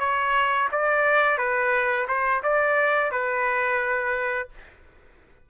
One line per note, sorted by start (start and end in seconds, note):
0.00 0.69 C#5
0.72 1.38 D5
1.38 2.07 B4
2.08 2.42 C5
2.43 3.12 D5
3.12 4.50 B4